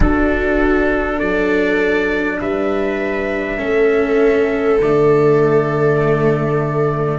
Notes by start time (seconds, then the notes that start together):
0.00 D4 F#4 A4
1.16 F#3 A4 D5
2.39 G3 B4 E5
3.57 A3 C#4 A4
4.80 D3 A3 D5